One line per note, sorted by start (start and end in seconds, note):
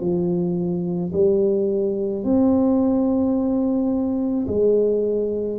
0.00 1.11 F3
1.13 2.24 G3
2.24 4.46 C4
4.47 5.58 G#3